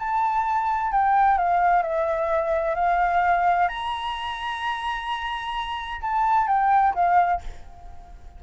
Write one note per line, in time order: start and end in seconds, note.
0.00 0.92 A5
0.92 1.38 G5
1.38 1.83 F5
1.83 2.76 E5
2.76 3.69 F5
3.69 6.01 A#5
6.02 6.48 A5
6.48 6.94 G5
6.95 7.42 F5